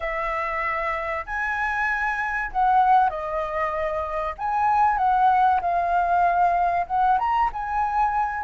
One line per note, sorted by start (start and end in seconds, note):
0.00 1.25 E5
1.26 2.51 G#5
2.51 3.09 F#5
3.09 4.34 D#5
4.38 4.97 G#5
4.97 5.60 F#5
5.61 6.86 F5
6.87 7.18 F#5
7.18 7.50 A#5
7.52 8.43 G#5